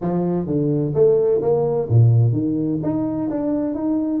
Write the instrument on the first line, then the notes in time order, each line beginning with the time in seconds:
tuba
0.01 F3
0.46 D3
0.94 A3
1.41 A#3
1.88 A#2
2.32 D#3
2.83 D#4
3.29 D4
3.74 D#4